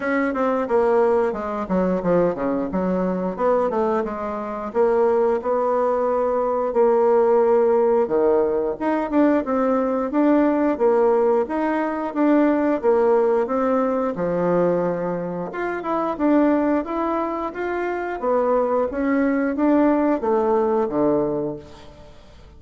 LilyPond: \new Staff \with { instrumentName = "bassoon" } { \time 4/4 \tempo 4 = 89 cis'8 c'8 ais4 gis8 fis8 f8 cis8 | fis4 b8 a8 gis4 ais4 | b2 ais2 | dis4 dis'8 d'8 c'4 d'4 |
ais4 dis'4 d'4 ais4 | c'4 f2 f'8 e'8 | d'4 e'4 f'4 b4 | cis'4 d'4 a4 d4 | }